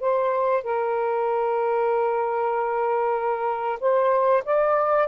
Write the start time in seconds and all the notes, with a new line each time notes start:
0.00 C5
0.63 A#4
3.80 C5
4.45 D5